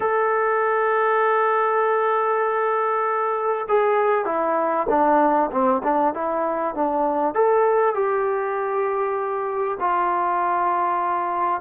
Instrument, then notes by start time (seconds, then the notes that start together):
trombone
0.00 A4
3.68 G#4
4.25 E4
4.89 D4
5.51 C4
5.83 D4
6.14 E4
6.75 D4
7.34 A4
7.94 G4
9.80 F4